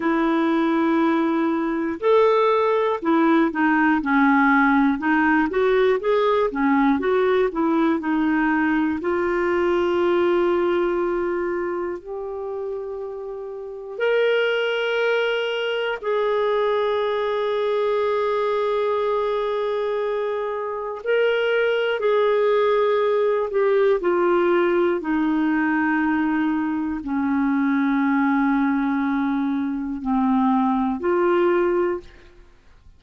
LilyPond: \new Staff \with { instrumentName = "clarinet" } { \time 4/4 \tempo 4 = 60 e'2 a'4 e'8 dis'8 | cis'4 dis'8 fis'8 gis'8 cis'8 fis'8 e'8 | dis'4 f'2. | g'2 ais'2 |
gis'1~ | gis'4 ais'4 gis'4. g'8 | f'4 dis'2 cis'4~ | cis'2 c'4 f'4 | }